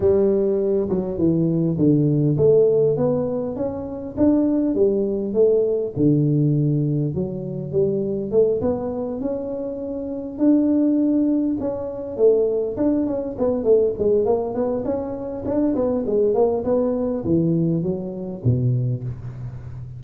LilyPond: \new Staff \with { instrumentName = "tuba" } { \time 4/4 \tempo 4 = 101 g4. fis8 e4 d4 | a4 b4 cis'4 d'4 | g4 a4 d2 | fis4 g4 a8 b4 cis'8~ |
cis'4. d'2 cis'8~ | cis'8 a4 d'8 cis'8 b8 a8 gis8 | ais8 b8 cis'4 d'8 b8 gis8 ais8 | b4 e4 fis4 b,4 | }